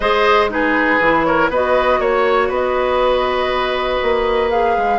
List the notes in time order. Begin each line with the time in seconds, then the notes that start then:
0.00 G#3 G#4 C5 D#5
0.49 D#4 G#4 B4
0.99 E3 E4
1.24 A#4 C#5
1.49 B3 F#4 B4 D#5
1.99 A#3 C#5
2.48 B3 B4 D#5
4.02 A#3
4.50 G#4 F5
4.77 G#3